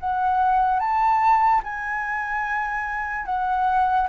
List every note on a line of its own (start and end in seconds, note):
0.00 0.80 F#5
0.80 1.62 A5
1.64 3.26 G#5
3.26 4.08 F#5